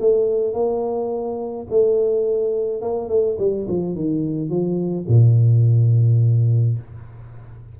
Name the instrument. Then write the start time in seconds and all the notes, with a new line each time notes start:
tuba
0.00 A3
0.54 A#3
1.70 A3
2.82 A#3
3.09 A3
3.39 G3
3.68 F3
3.95 D#3
4.49 F3
5.08 A#2